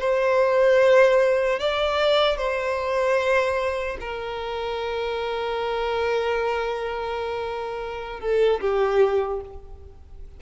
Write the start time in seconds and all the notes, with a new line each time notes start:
0.00 C5
1.60 D5
2.38 C5
4.01 A#4
8.20 A4
8.61 G4